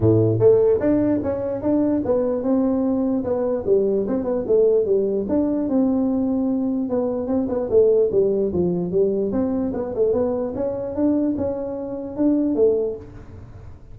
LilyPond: \new Staff \with { instrumentName = "tuba" } { \time 4/4 \tempo 4 = 148 a,4 a4 d'4 cis'4 | d'4 b4 c'2 | b4 g4 c'8 b8 a4 | g4 d'4 c'2~ |
c'4 b4 c'8 b8 a4 | g4 f4 g4 c'4 | b8 a8 b4 cis'4 d'4 | cis'2 d'4 a4 | }